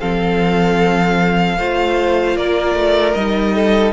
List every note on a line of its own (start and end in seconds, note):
0.00 1.58 F3
0.00 1.58 C4
0.00 1.58 A4
0.00 2.37 F5
1.58 2.36 A3
1.58 3.15 F4
1.58 2.37 C5
2.36 2.75 A#3
2.36 3.55 A#4
2.36 3.14 D5
2.75 3.14 A3
3.14 3.93 G3
3.14 3.93 D#4
3.14 3.93 D#5
3.55 3.93 A4